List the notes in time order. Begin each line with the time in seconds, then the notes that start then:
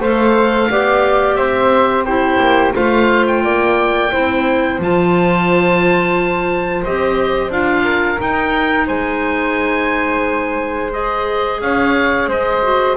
0.00 A3 A4 C5 F5
0.70 B3 G4 D5
1.36 C4 C5 E5
2.05 E4 G4 C5
2.39 A#3
2.72 A3 F4 C5 F5
3.27 G5
3.43 A#3 D5
4.11 C4 E4 C5
4.79 F3 F4 A5
6.85 C4 G4 D#5
7.50 D4 F4 F5
7.83 A#4
8.17 D#4 G5
8.86 G#3 C5 G#5
10.92 G#4 D#5
11.61 C#4 C#5 F5
12.28 G#3 C5 D#5
12.63 F#4